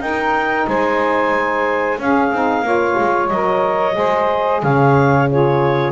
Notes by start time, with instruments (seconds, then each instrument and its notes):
0.00 double bass D#4, saxophone D#4 A#4, clarinet G5
0.67 double bass G#3, saxophone C5, clarinet G#5
1.98 double bass C#4, saxophone C#4 G#4, clarinet F5
2.32 double bass C4, saxophone D#4
2.62 double bass A#3, saxophone F4 C#5
2.99 double bass G#3
3.28 double bass F#3, saxophone A#4, clarinet D#5
3.92 double bass G#3, saxophone G#4 C5
4.63 double bass C#3, saxophone C#5, clarinet F5
5.29 saxophone F4 G#4, clarinet C#5